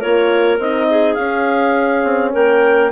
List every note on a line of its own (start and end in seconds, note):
0.00 0.59 A#3
0.00 0.60 F4
0.00 0.87 A#4
0.00 0.59 C#5
0.59 1.17 C4
0.59 1.19 D#4
0.59 1.14 D#5
0.90 2.32 G#4
1.14 2.04 C#4
1.14 2.92 C#4
1.14 2.31 F5
2.04 2.33 C4
2.32 2.92 A#3
2.32 2.91 A#4
2.32 2.92 G5